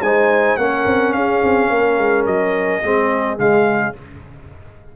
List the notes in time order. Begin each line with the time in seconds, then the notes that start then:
0.00 G#3 D#4 C5 G#5
0.57 A#3 C#4 A#4 F#5
0.86 C4
1.12 C#4 G#4 F5
1.43 C4
1.70 A#3 A#4
1.98 G#3
2.26 F#3 D#5
2.83 G#3 C4 G#4
3.38 C#3 G#3 F5